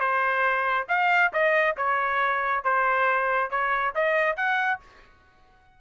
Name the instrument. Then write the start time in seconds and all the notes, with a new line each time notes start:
trumpet
0.00 C5
0.89 F5
1.33 D#5
1.77 C#5
2.64 C5
3.50 C#5
3.95 D#5
4.37 F#5